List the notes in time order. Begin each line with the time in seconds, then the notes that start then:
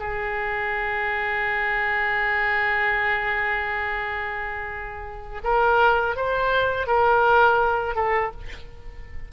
0.00 G#4
5.44 A#4
6.16 C5
6.87 A#4
7.96 A4